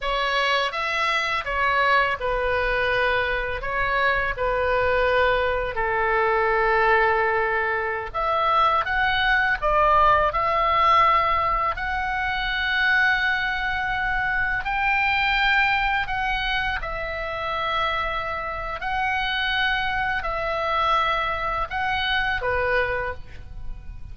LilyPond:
\new Staff \with { instrumentName = "oboe" } { \time 4/4 \tempo 4 = 83 cis''4 e''4 cis''4 b'4~ | b'4 cis''4 b'2 | a'2.~ a'16 e''8.~ | e''16 fis''4 d''4 e''4.~ e''16~ |
e''16 fis''2.~ fis''8.~ | fis''16 g''2 fis''4 e''8.~ | e''2 fis''2 | e''2 fis''4 b'4 | }